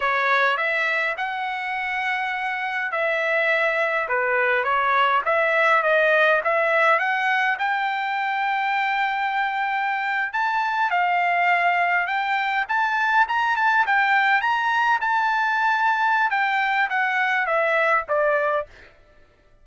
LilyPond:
\new Staff \with { instrumentName = "trumpet" } { \time 4/4 \tempo 4 = 103 cis''4 e''4 fis''2~ | fis''4 e''2 b'4 | cis''4 e''4 dis''4 e''4 | fis''4 g''2.~ |
g''4.~ g''16 a''4 f''4~ f''16~ | f''8. g''4 a''4 ais''8 a''8 g''16~ | g''8. ais''4 a''2~ a''16 | g''4 fis''4 e''4 d''4 | }